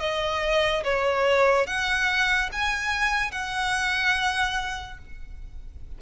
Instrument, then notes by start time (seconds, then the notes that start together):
violin
0.00 D#5
0.84 C#5
1.67 F#5
2.52 G#5
3.31 F#5